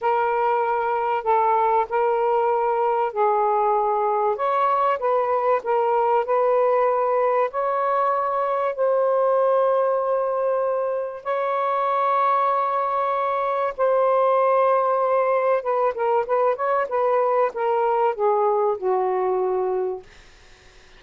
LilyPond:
\new Staff \with { instrumentName = "saxophone" } { \time 4/4 \tempo 4 = 96 ais'2 a'4 ais'4~ | ais'4 gis'2 cis''4 | b'4 ais'4 b'2 | cis''2 c''2~ |
c''2 cis''2~ | cis''2 c''2~ | c''4 b'8 ais'8 b'8 cis''8 b'4 | ais'4 gis'4 fis'2 | }